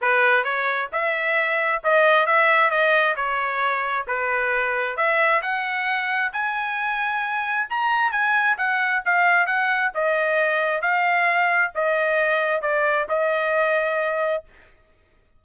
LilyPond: \new Staff \with { instrumentName = "trumpet" } { \time 4/4 \tempo 4 = 133 b'4 cis''4 e''2 | dis''4 e''4 dis''4 cis''4~ | cis''4 b'2 e''4 | fis''2 gis''2~ |
gis''4 ais''4 gis''4 fis''4 | f''4 fis''4 dis''2 | f''2 dis''2 | d''4 dis''2. | }